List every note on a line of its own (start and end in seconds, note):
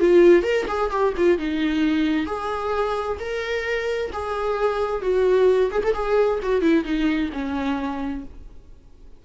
0.00 0.43 F4
0.43 0.66 A#4
0.67 0.90 G#4
0.90 1.13 G4
1.17 1.38 F4
1.38 2.26 D#4
2.26 3.18 G#4
3.19 4.11 A#4
4.12 5.02 G#4
5.02 5.70 F#4
5.71 5.82 G#4
5.83 5.93 A4
5.93 6.39 G#4
6.42 6.61 F#4
6.61 6.84 E4
6.84 7.29 D#4
7.32 8.24 C#4